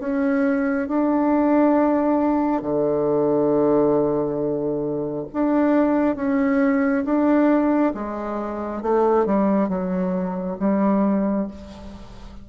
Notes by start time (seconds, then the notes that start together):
0.00 C#4
0.88 D4
2.62 D3
5.33 D4
6.16 C#4
7.05 D4
7.95 G#3
8.82 A3
9.26 G3
9.69 F#3
10.60 G3